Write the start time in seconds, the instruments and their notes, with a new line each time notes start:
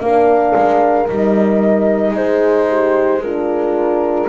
0.00 double bass A#3, horn D4 A#4, flute F5
0.56 double bass G#3
1.08 double bass G3, horn D#4, flute D#5
2.11 double bass G#3, horn G#4, flute C5
2.69 horn G4
3.23 horn D4 F4, flute A#4